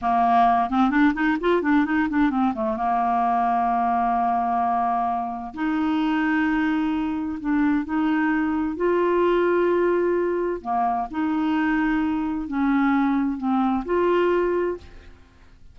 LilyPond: \new Staff \with { instrumentName = "clarinet" } { \time 4/4 \tempo 4 = 130 ais4. c'8 d'8 dis'8 f'8 d'8 | dis'8 d'8 c'8 a8 ais2~ | ais1 | dis'1 |
d'4 dis'2 f'4~ | f'2. ais4 | dis'2. cis'4~ | cis'4 c'4 f'2 | }